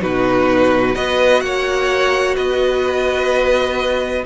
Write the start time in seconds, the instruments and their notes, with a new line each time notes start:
0.00 cello B2, viola D#4, violin F#4 B4
0.94 cello B3, viola F#4, violin B4 D#5
1.41 cello A#3, violin C#5 F#5
2.36 cello B3, violin B4 D#5